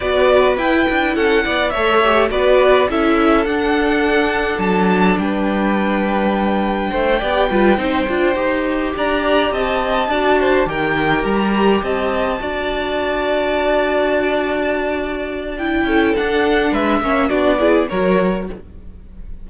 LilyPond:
<<
  \new Staff \with { instrumentName = "violin" } { \time 4/4 \tempo 4 = 104 d''4 g''4 fis''4 e''4 | d''4 e''4 fis''2 | a''4 g''2.~ | g''2.~ g''8 ais''8~ |
ais''8 a''2 g''4 ais''8~ | ais''8 a''2.~ a''8~ | a''2. g''4 | fis''4 e''4 d''4 cis''4 | }
  \new Staff \with { instrumentName = "violin" } { \time 4/4 b'2 a'8 d''8 cis''4 | b'4 a'2.~ | a'4 b'2. | c''8 d''8 b'8 c''2 d''8~ |
d''8 dis''4 d''8 c''8 ais'4.~ | ais'8 dis''4 d''2~ d''8~ | d''2.~ d''8 a'8~ | a'4 b'8 cis''8 fis'8 gis'8 ais'4 | }
  \new Staff \with { instrumentName = "viola" } { \time 4/4 fis'4 e'2 a'8 g'8 | fis'4 e'4 d'2~ | d'1~ | d'8 g'8 f'8 dis'8 f'8 g'4.~ |
g'4. fis'4 g'4.~ | g'4. fis'2~ fis'8~ | fis'2. e'4 | d'4. cis'8 d'8 e'8 fis'4 | }
  \new Staff \with { instrumentName = "cello" } { \time 4/4 b4 e'8 d'8 cis'8 b8 a4 | b4 cis'4 d'2 | fis4 g2. | a8 b8 g8 c'8 d'8 dis'4 d'8~ |
d'8 c'4 d'4 dis4 g8~ | g8 c'4 d'2~ d'8~ | d'2.~ d'8 cis'8 | d'4 gis8 ais8 b4 fis4 | }
>>